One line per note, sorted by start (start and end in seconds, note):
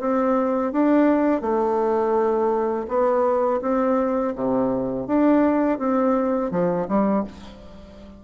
0.00 0.72 C4
0.72 1.42 D4
1.42 2.86 A3
2.88 3.61 B3
3.61 4.34 C4
4.35 5.07 C3
5.07 5.79 D4
5.79 6.51 C4
6.51 6.87 F3
6.88 7.25 G3